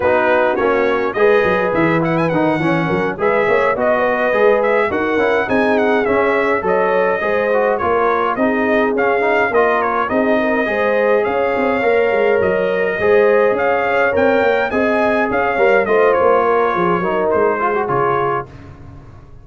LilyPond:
<<
  \new Staff \with { instrumentName = "trumpet" } { \time 4/4 \tempo 4 = 104 b'4 cis''4 dis''4 e''8 fis''16 gis''16 | fis''4. e''4 dis''4. | e''8 fis''4 gis''8 fis''8 e''4 dis''8~ | dis''4. cis''4 dis''4 f''8~ |
f''8 dis''8 cis''8 dis''2 f''8~ | f''4. dis''2 f''8~ | f''8 g''4 gis''4 f''4 dis''8 | cis''2 c''4 cis''4 | }
  \new Staff \with { instrumentName = "horn" } { \time 4/4 fis'2 b'2~ | b'8 cis''8 ais'8 b'8 cis''8 dis''8 b'4~ | b'8 ais'4 gis'2 cis''8~ | cis''8 c''4 ais'4 gis'4.~ |
gis'8 ais'4 gis'8 ais'8 c''4 cis''8~ | cis''2~ cis''8 c''4 cis''8~ | cis''4. dis''4 cis''4 c''8~ | c''8 ais'8 gis'8 ais'4 gis'4. | }
  \new Staff \with { instrumentName = "trombone" } { \time 4/4 dis'4 cis'4 gis'4. e'8 | dis'8 cis'4 gis'4 fis'4 gis'8~ | gis'8 fis'8 e'8 dis'4 cis'4 a'8~ | a'8 gis'8 fis'8 f'4 dis'4 cis'8 |
dis'8 f'4 dis'4 gis'4.~ | gis'8 ais'2 gis'4.~ | gis'8 ais'4 gis'4. ais'8 f'8~ | f'4. dis'4 f'16 fis'16 f'4 | }
  \new Staff \with { instrumentName = "tuba" } { \time 4/4 b4 ais4 gis8 fis8 e4 | dis8 e8 fis8 gis8 ais8 b4 gis8~ | gis8 dis'8 cis'8 c'4 cis'4 fis8~ | fis8 gis4 ais4 c'4 cis'8~ |
cis'8 ais4 c'4 gis4 cis'8 | c'8 ais8 gis8 fis4 gis4 cis'8~ | cis'8 c'8 ais8 c'4 cis'8 g8 a8 | ais4 f8 fis8 gis4 cis4 | }
>>